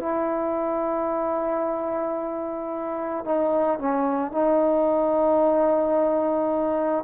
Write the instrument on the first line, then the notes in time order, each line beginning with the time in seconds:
trombone
0.00 E4
3.25 D#4
3.79 C#4
4.32 D#4